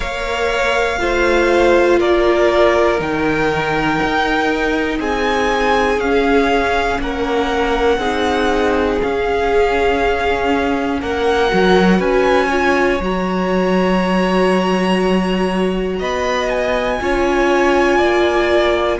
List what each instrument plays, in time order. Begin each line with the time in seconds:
0.00 cello A#3, viola A#4, violin C#5 F5
0.98 cello A3, viola F4, violin C5
1.99 cello A#3, violin A#4 D5
2.98 cello D#3, viola D#4, violin G5
4.03 cello D#4
4.99 cello C4, violin G#4 G#5
5.98 cello C#4, viola C#4, violin F5
6.99 cello A#3, violin A#4 F#5
7.97 cello C4, viola D#4, violin G#4
9.01 viola C#4, cello C#4, violin F5
11.01 cello A#3, violin A#4 F#5
11.49 cello F#3, viola F#4
11.98 cello C#4, violin B4 G#5
12.46 viola F4, violin C#5
13.00 cello F#3, viola F#4, violin A#5
15.99 cello B3, violin D#5 B5
16.49 violin G#5
17.00 cello C#4, viola F4, violin C#5
17.97 cello A#3, violin D5